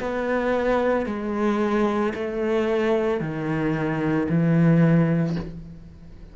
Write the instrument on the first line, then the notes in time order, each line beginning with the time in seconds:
cello
0.00 B3
1.07 G#3
2.14 A3
3.21 D#3
4.29 E3